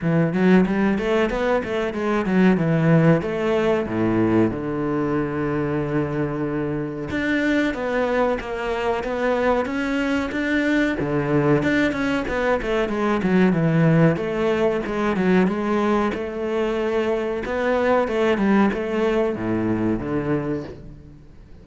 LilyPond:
\new Staff \with { instrumentName = "cello" } { \time 4/4 \tempo 4 = 93 e8 fis8 g8 a8 b8 a8 gis8 fis8 | e4 a4 a,4 d4~ | d2. d'4 | b4 ais4 b4 cis'4 |
d'4 d4 d'8 cis'8 b8 a8 | gis8 fis8 e4 a4 gis8 fis8 | gis4 a2 b4 | a8 g8 a4 a,4 d4 | }